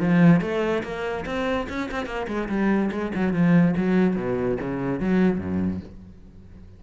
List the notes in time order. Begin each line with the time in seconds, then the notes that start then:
0.00 F3
0.41 A3
0.83 A#3
1.26 C4
1.69 C#4
1.91 C4
2.06 A#3
2.28 G#3
2.49 G3
2.91 G#3
3.15 F#3
3.33 F3
3.77 F#3
4.16 B2
4.61 C#3
5.00 F#3
5.39 F#2